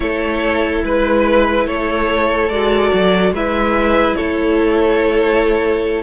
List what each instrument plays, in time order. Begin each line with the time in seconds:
0.00 cello A3, viola E4, violin A4 C#5
0.84 cello G#3, violin B4
1.66 cello A3, violin A4 C#5
2.49 cello G#3, viola F#4, violin D5
2.93 cello F#3
3.31 cello G#3, viola E4, violin B4 E5
4.15 cello A3, violin A4 C#5